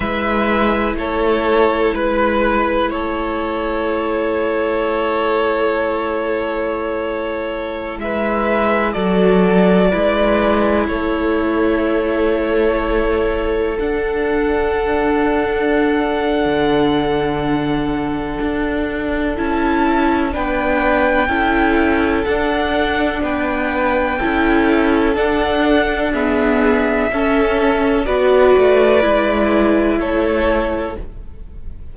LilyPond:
<<
  \new Staff \with { instrumentName = "violin" } { \time 4/4 \tempo 4 = 62 e''4 cis''4 b'4 cis''4~ | cis''1~ | cis''16 e''4 d''2 cis''8.~ | cis''2~ cis''16 fis''4.~ fis''16~ |
fis''1 | a''4 g''2 fis''4 | g''2 fis''4 e''4~ | e''4 d''2 cis''4 | }
  \new Staff \with { instrumentName = "violin" } { \time 4/4 b'4 a'4 b'4 a'4~ | a'1~ | a'16 b'4 a'4 b'4 a'8.~ | a'1~ |
a'1~ | a'4 b'4 a'2 | b'4 a'2 gis'4 | a'4 b'2 a'4 | }
  \new Staff \with { instrumentName = "viola" } { \time 4/4 e'1~ | e'1~ | e'4~ e'16 fis'4 e'4.~ e'16~ | e'2~ e'16 d'4.~ d'16~ |
d'1 | e'4 d'4 e'4 d'4~ | d'4 e'4 d'4 b4 | cis'4 fis'4 e'2 | }
  \new Staff \with { instrumentName = "cello" } { \time 4/4 gis4 a4 gis4 a4~ | a1~ | a16 gis4 fis4 gis4 a8.~ | a2~ a16 d'4.~ d'16~ |
d'4 d2 d'4 | cis'4 b4 cis'4 d'4 | b4 cis'4 d'2 | cis'4 b8 a8 gis4 a4 | }
>>